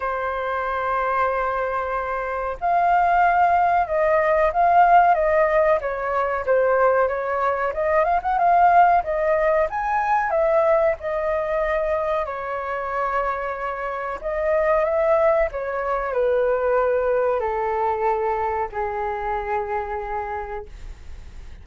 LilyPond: \new Staff \with { instrumentName = "flute" } { \time 4/4 \tempo 4 = 93 c''1 | f''2 dis''4 f''4 | dis''4 cis''4 c''4 cis''4 | dis''8 f''16 fis''16 f''4 dis''4 gis''4 |
e''4 dis''2 cis''4~ | cis''2 dis''4 e''4 | cis''4 b'2 a'4~ | a'4 gis'2. | }